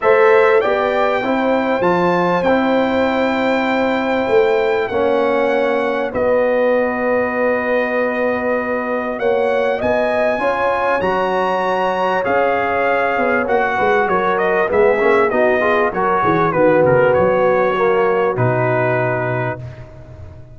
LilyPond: <<
  \new Staff \with { instrumentName = "trumpet" } { \time 4/4 \tempo 4 = 98 e''4 g''2 a''4 | g''1 | fis''2 dis''2~ | dis''2. fis''4 |
gis''2 ais''2 | f''2 fis''4 cis''8 dis''8 | e''4 dis''4 cis''4 b'8 ais'8 | cis''2 b'2 | }
  \new Staff \with { instrumentName = "horn" } { \time 4/4 c''4 d''4 c''2~ | c''1 | cis''2 b'2~ | b'2. cis''4 |
dis''4 cis''2.~ | cis''2~ cis''8 b'8 ais'4 | gis'4 fis'8 gis'8 ais'8 gis'8 fis'4~ | fis'1 | }
  \new Staff \with { instrumentName = "trombone" } { \time 4/4 a'4 g'4 e'4 f'4 | e'1 | cis'2 fis'2~ | fis'1~ |
fis'4 f'4 fis'2 | gis'2 fis'2 | b8 cis'8 dis'8 f'8 fis'4 b4~ | b4 ais4 dis'2 | }
  \new Staff \with { instrumentName = "tuba" } { \time 4/4 a4 b4 c'4 f4 | c'2. a4 | ais2 b2~ | b2. ais4 |
b4 cis'4 fis2 | cis'4. b8 ais8 gis8 fis4 | gis8 ais8 b4 fis8 e8 dis8 cis8 | fis2 b,2 | }
>>